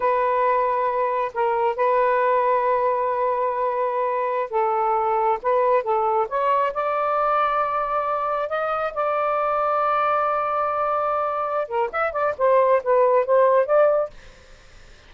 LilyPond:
\new Staff \with { instrumentName = "saxophone" } { \time 4/4 \tempo 4 = 136 b'2. ais'4 | b'1~ | b'2~ b'16 a'4.~ a'16~ | a'16 b'4 a'4 cis''4 d''8.~ |
d''2.~ d''16 dis''8.~ | dis''16 d''2.~ d''8.~ | d''2~ d''8 ais'8 e''8 d''8 | c''4 b'4 c''4 d''4 | }